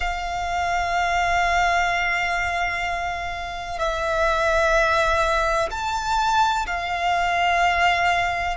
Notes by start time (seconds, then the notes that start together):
0.00 F5
3.78 E5
5.70 A5
6.66 F5